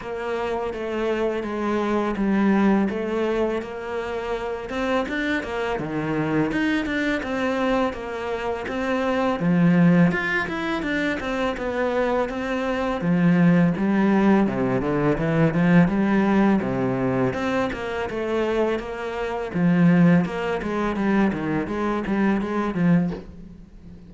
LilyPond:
\new Staff \with { instrumentName = "cello" } { \time 4/4 \tempo 4 = 83 ais4 a4 gis4 g4 | a4 ais4. c'8 d'8 ais8 | dis4 dis'8 d'8 c'4 ais4 | c'4 f4 f'8 e'8 d'8 c'8 |
b4 c'4 f4 g4 | c8 d8 e8 f8 g4 c4 | c'8 ais8 a4 ais4 f4 | ais8 gis8 g8 dis8 gis8 g8 gis8 f8 | }